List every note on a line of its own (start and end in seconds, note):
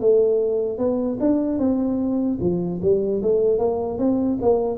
0.00 0.77 A3
0.77 1.17 B3
1.20 1.58 D4
1.58 2.38 C4
2.40 2.80 F3
2.82 3.22 G3
3.22 3.58 A3
3.58 3.98 A#3
3.98 4.38 C4
4.41 4.77 A#3